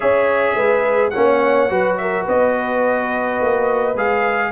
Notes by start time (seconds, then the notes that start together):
0.00 C#4 G#4 C#5 E5
0.55 G#3 B4
1.10 A#3 C#4 C#5 F#5
1.69 F#3 F#4 B4
1.97 A#4 E5
2.23 B3 B4 D#5
3.41 A#3
3.95 G#3 G#4 F5